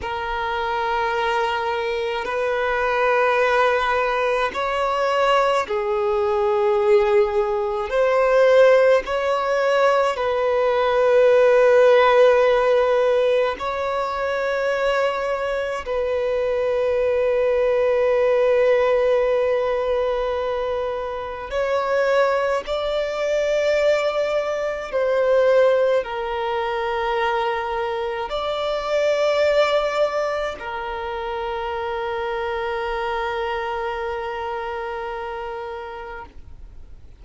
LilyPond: \new Staff \with { instrumentName = "violin" } { \time 4/4 \tempo 4 = 53 ais'2 b'2 | cis''4 gis'2 c''4 | cis''4 b'2. | cis''2 b'2~ |
b'2. cis''4 | d''2 c''4 ais'4~ | ais'4 d''2 ais'4~ | ais'1 | }